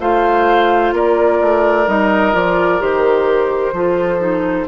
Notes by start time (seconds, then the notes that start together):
0.00 A3 F4 C5 F5
0.93 A#3 A#4 D5
1.41 A3
1.87 G3 D#4 D#5
2.32 F3 F4 D5
2.79 D#3 G4 C5
3.73 F3 F4 A4
4.19 D#4